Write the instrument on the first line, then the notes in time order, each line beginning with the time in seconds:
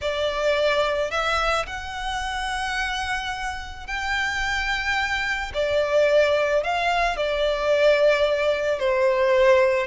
violin
0.01 D5
1.11 E5
1.66 F#5
3.87 G5
5.54 D5
6.63 F5
7.16 D5
8.79 C5